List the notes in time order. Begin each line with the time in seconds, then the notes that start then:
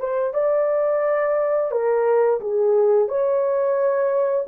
0.00 C5
0.34 D5
1.71 A#4
2.41 G#4
3.08 C#5